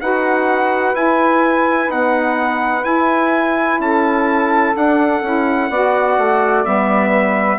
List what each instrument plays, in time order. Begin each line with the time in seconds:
0.00 bassoon D#4, saxophone F#4 B4, trumpet F#5
0.94 bassoon E4, saxophone E4, trumpet G#5
1.88 saxophone B3, bassoon D#4, trumpet F#5
2.83 saxophone E4, bassoon E4, trumpet G#5
3.80 bassoon C#4, saxophone A4, trumpet A5
4.73 saxophone D4, bassoon D4, trumpet F#5
5.23 bassoon C#4, saxophone E4
5.69 bassoon B3, saxophone F#4 D5
6.18 bassoon A3
6.64 bassoon G3, saxophone B3, trumpet E5
7.10 saxophone B4